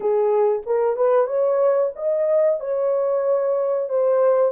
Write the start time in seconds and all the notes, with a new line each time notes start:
0.00 G#4
0.66 A#4
0.96 B4
1.26 C#5
1.95 D#5
2.60 C#5
3.89 C5